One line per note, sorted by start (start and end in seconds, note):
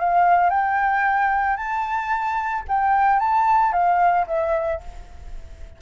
0.00 0.50 F5
0.50 1.57 G5
1.57 2.64 A5
2.69 3.20 G5
3.20 3.73 A5
3.73 4.27 F5
4.27 4.81 E5